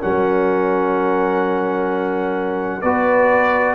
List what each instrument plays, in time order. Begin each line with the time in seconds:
0.00 tuba F#3, trombone C#4, horn A#4, trumpet F#5
2.81 tuba B3, trombone F#4, horn B4, trumpet D5